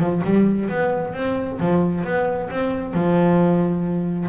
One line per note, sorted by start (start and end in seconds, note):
0.00 0.23 F3
0.24 0.70 G3
0.70 1.14 B3
1.14 1.59 C4
1.60 2.04 F3
2.04 2.50 B3
2.50 2.94 C4
2.94 4.29 F3